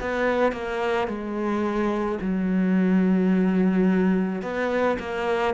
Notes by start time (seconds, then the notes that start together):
0.00 B3
0.52 A#3
1.07 G#3
2.21 F#3
4.42 B3
4.99 A#3